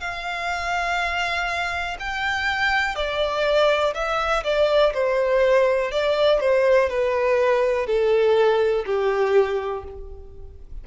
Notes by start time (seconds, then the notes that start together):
0.00 F5
1.99 G5
2.96 D5
3.94 E5
4.44 D5
4.94 C5
5.92 D5
6.40 C5
6.89 B4
7.86 A4
8.86 G4